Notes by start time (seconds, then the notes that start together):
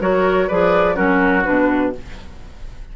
0.00 F#3 F#4 A#4 C#5
0.47 F3 G#4 B4 D5
0.94 F#3 C#4 F#4 A#4
1.44 B2 D4 B4